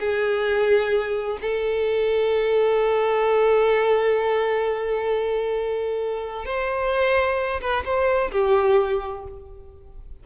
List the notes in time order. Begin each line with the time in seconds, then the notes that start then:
0.00 G#4
1.42 A4
6.46 C5
7.61 B4
7.85 C5
8.31 G4